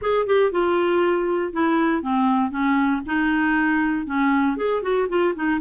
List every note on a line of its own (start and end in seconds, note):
0.01 0.26 G#4
0.26 0.51 G4
0.51 1.52 F4
1.52 2.02 E4
2.02 2.51 C4
2.51 3.01 C#4
3.06 4.06 D#4
4.06 4.56 C#4
4.56 4.82 G#4
4.82 5.07 F#4
5.08 5.34 F4
5.35 5.60 D#4